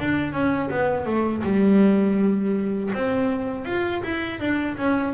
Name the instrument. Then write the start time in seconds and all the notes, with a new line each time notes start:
double bass
0.00 D4
0.33 C#4
0.70 B3
1.06 A3
1.43 G3
2.94 C4
3.65 F4
4.03 E4
4.40 D4
4.77 C#4